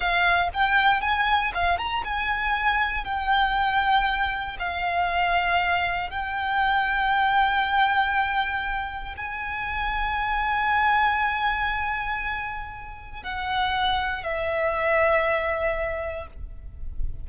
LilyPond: \new Staff \with { instrumentName = "violin" } { \time 4/4 \tempo 4 = 118 f''4 g''4 gis''4 f''8 ais''8 | gis''2 g''2~ | g''4 f''2. | g''1~ |
g''2 gis''2~ | gis''1~ | gis''2 fis''2 | e''1 | }